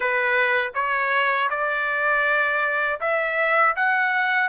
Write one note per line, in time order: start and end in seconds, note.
0.00 0.71 B4
0.74 1.49 C#5
1.50 3.00 D5
3.00 3.75 E5
3.76 4.48 F#5